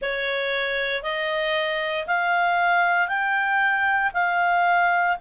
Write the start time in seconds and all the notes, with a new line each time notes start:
0.01 C#5
1.03 D#5
2.06 F5
3.08 G5
4.13 F5